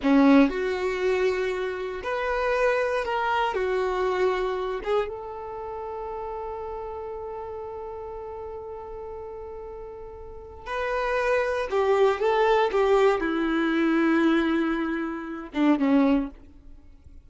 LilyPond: \new Staff \with { instrumentName = "violin" } { \time 4/4 \tempo 4 = 118 cis'4 fis'2. | b'2 ais'4 fis'4~ | fis'4. gis'8 a'2~ | a'1~ |
a'1~ | a'4 b'2 g'4 | a'4 g'4 e'2~ | e'2~ e'8 d'8 cis'4 | }